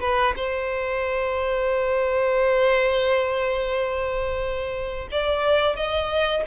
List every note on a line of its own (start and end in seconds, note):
0.00 0.34 B4
0.36 5.08 C5
5.11 5.76 D5
5.76 6.43 D#5